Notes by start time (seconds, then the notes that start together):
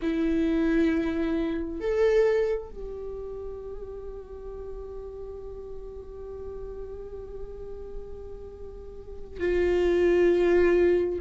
0.02 E4
1.80 A4
2.69 G4
9.40 F4